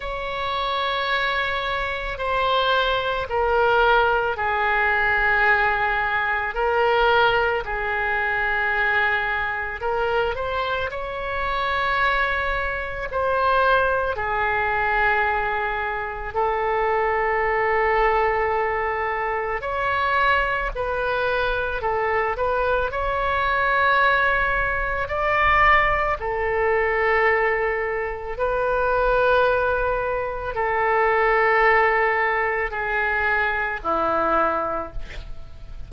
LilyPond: \new Staff \with { instrumentName = "oboe" } { \time 4/4 \tempo 4 = 55 cis''2 c''4 ais'4 | gis'2 ais'4 gis'4~ | gis'4 ais'8 c''8 cis''2 | c''4 gis'2 a'4~ |
a'2 cis''4 b'4 | a'8 b'8 cis''2 d''4 | a'2 b'2 | a'2 gis'4 e'4 | }